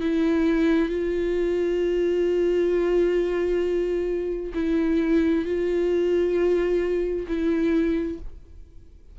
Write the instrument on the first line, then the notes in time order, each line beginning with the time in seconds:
viola
0.00 E4
0.89 F4
4.54 E4
5.45 F4
7.27 E4